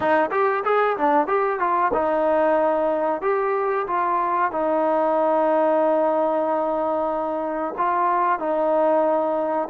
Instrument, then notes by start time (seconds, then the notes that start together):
trombone
0.00 D#4
0.31 G4
0.64 G#4
0.97 D4
1.27 G4
1.59 F4
1.93 D#4
3.21 G4
3.87 F4
4.51 D#4
7.77 F4
8.39 D#4